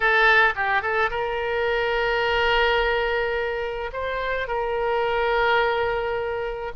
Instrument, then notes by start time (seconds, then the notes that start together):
oboe
0.00 A4
0.55 G4
0.81 A4
1.10 A#4
3.93 C5
4.47 A#4